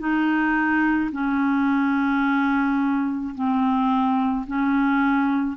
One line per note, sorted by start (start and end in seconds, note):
0.00 1.11 D#4
1.13 3.35 C#4
3.35 4.46 C4
4.47 5.57 C#4